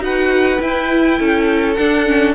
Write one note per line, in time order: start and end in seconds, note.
0.00 0.58 D#4
0.00 0.58 F#4
0.00 1.19 B4
0.00 0.62 F#5
0.59 1.76 E4
0.59 1.20 E4
0.59 1.74 G5
1.19 1.78 C#4
1.19 2.34 A4
1.74 2.06 D4
1.74 2.34 D4
1.74 2.32 F#5
2.06 2.34 C#4